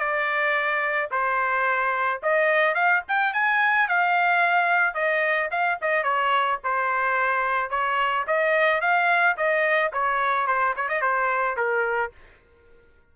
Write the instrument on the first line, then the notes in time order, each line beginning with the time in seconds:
trumpet
0.00 D5
1.11 C5
2.23 D#5
2.75 F5
3.09 G5
3.34 G#5
3.89 F5
4.95 D#5
5.51 F5
5.82 D#5
6.04 C#5
6.64 C5
7.71 C#5
8.27 D#5
8.81 F5
9.37 D#5
9.93 C#5
10.47 C5
10.77 C#5
10.89 D#5
11.02 C5
11.57 A#4